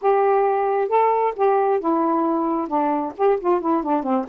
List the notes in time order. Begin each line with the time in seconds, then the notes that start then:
0.01 G4
0.88 A4
1.36 G4
1.80 E4
2.67 D4
3.17 G4
3.40 F4
3.60 E4
3.83 D4
4.03 C4